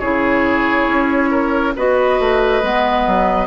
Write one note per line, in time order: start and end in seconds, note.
0.00 0.87 C#3
0.00 1.76 E4
0.00 1.31 G#4
0.00 1.74 C#5
0.87 1.74 C#4
1.31 1.74 A#4
1.76 2.20 B3
1.76 2.63 F#4
1.76 3.47 B4
1.76 3.47 D#5
2.20 2.63 A3
2.63 3.07 G#3
2.63 3.47 B3
3.07 3.47 F#3